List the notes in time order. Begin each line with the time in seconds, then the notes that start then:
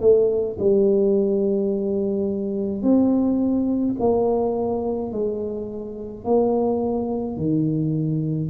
0.00 A3
0.59 G3
2.82 C4
3.99 A#3
5.11 G#3
6.24 A#3
7.37 D#3